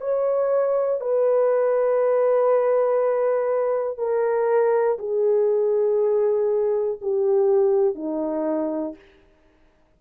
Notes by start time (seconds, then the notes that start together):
0.00 C#5
1.00 B4
3.97 A#4
4.99 G#4
7.01 G4
7.95 D#4